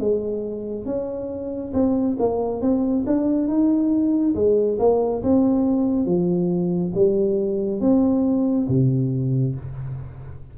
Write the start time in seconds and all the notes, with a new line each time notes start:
0.00 G#3
0.86 C#4
1.74 C4
2.19 A#3
2.62 C4
3.07 D4
3.48 D#4
4.35 G#3
4.79 A#3
5.23 C4
6.06 F3
6.95 G3
7.81 C4
8.69 C3